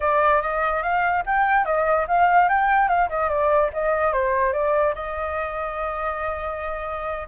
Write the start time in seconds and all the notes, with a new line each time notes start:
0.00 D5
0.41 D#5
0.82 F5
1.26 G5
1.65 D#5
2.07 F5
2.48 G5
2.88 F5
3.09 D#5
3.29 D5
3.73 D#5
4.12 C5
4.52 D5
4.94 D#5